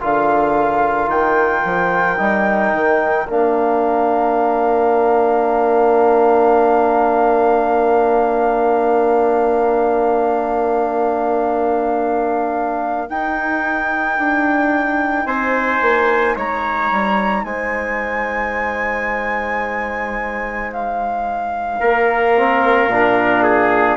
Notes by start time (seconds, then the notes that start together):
0.00 D3 F4 A#4 F5
1.07 D#3 G5
1.64 F3
2.17 G3 D#4
2.73 D#3
3.27 A#3 D4 F5
13.07 D#4 G5
14.18 D4
15.25 C4 C5 G#5
15.81 A#3
16.35 G#3 C#5 A#5
16.91 G3
17.44 G#3 C5 G#5
20.72 F5
21.80 A#3 A#4
22.35 C4
22.87 A#2 D4
23.43 G#4